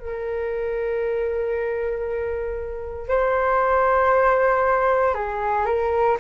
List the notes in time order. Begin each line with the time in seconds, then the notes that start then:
0.00 A#4
3.09 C5
5.15 G#4
5.66 A#4